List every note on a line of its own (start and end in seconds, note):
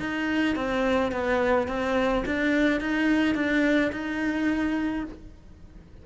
0.00 0.56 D#4
0.56 1.12 C4
1.12 1.68 B3
1.68 2.24 C4
2.26 2.80 D4
2.80 3.35 D#4
3.35 3.91 D4
3.92 5.04 D#4